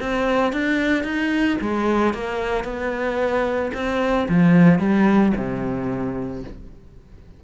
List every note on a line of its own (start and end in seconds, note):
0.00 0.53 C4
0.53 1.04 D4
1.04 1.58 D#4
1.61 2.14 G#3
2.14 2.64 A#3
2.64 3.72 B3
3.74 4.28 C4
4.29 4.79 F3
4.79 5.33 G3
5.37 6.44 C3